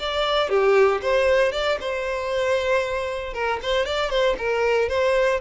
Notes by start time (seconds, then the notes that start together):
0.00 D5
0.50 G4
1.02 C5
1.53 D5
1.81 C5
3.34 A#4
3.63 C5
3.86 D5
4.11 C5
4.39 A#4
4.89 C5